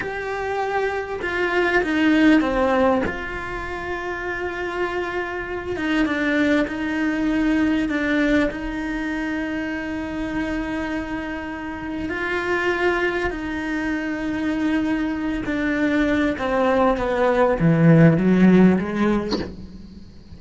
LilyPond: \new Staff \with { instrumentName = "cello" } { \time 4/4 \tempo 4 = 99 g'2 f'4 dis'4 | c'4 f'2.~ | f'4. dis'8 d'4 dis'4~ | dis'4 d'4 dis'2~ |
dis'1 | f'2 dis'2~ | dis'4. d'4. c'4 | b4 e4 fis4 gis4 | }